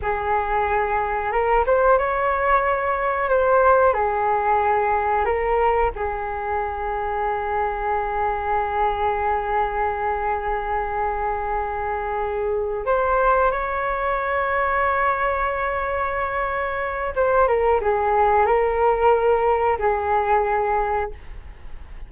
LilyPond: \new Staff \with { instrumentName = "flute" } { \time 4/4 \tempo 4 = 91 gis'2 ais'8 c''8 cis''4~ | cis''4 c''4 gis'2 | ais'4 gis'2.~ | gis'1~ |
gis'2.~ gis'8 c''8~ | c''8 cis''2.~ cis''8~ | cis''2 c''8 ais'8 gis'4 | ais'2 gis'2 | }